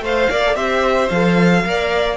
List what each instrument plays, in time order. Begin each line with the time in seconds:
0.00 cello A3, viola C5, violin C5 F5
0.30 cello A#3, viola A#4, violin D5
0.46 viola A4
0.55 cello C4, viola G4, violin C5 E5
1.09 cello F3, viola A4, violin F5
1.65 cello A#3, viola A#4, violin D5